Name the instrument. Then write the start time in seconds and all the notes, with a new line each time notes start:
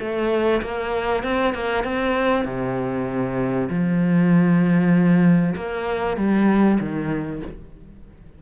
cello
0.00 A3
0.62 A#3
1.24 C4
1.55 A#3
1.84 C4
2.45 C3
3.70 F3
5.56 A#3
6.17 G3
6.80 D#3